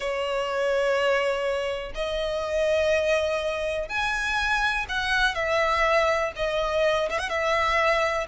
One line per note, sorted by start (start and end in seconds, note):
0.00 1.92 C#5
1.94 3.88 D#5
3.88 4.86 G#5
4.88 5.35 F#5
5.35 6.32 E5
6.35 7.09 D#5
7.09 7.18 E5
7.18 7.29 F#5
7.29 8.27 E5